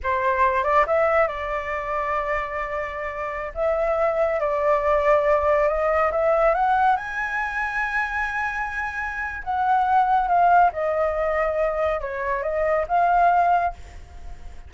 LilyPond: \new Staff \with { instrumentName = "flute" } { \time 4/4 \tempo 4 = 140 c''4. d''8 e''4 d''4~ | d''1~ | d''16 e''2 d''4.~ d''16~ | d''4~ d''16 dis''4 e''4 fis''8.~ |
fis''16 gis''2.~ gis''8.~ | gis''2 fis''2 | f''4 dis''2. | cis''4 dis''4 f''2 | }